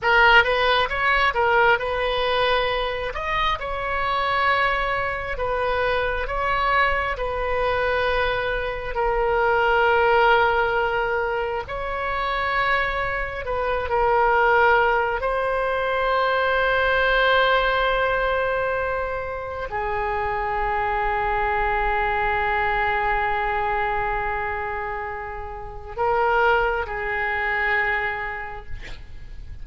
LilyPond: \new Staff \with { instrumentName = "oboe" } { \time 4/4 \tempo 4 = 67 ais'8 b'8 cis''8 ais'8 b'4. dis''8 | cis''2 b'4 cis''4 | b'2 ais'2~ | ais'4 cis''2 b'8 ais'8~ |
ais'4 c''2.~ | c''2 gis'2~ | gis'1~ | gis'4 ais'4 gis'2 | }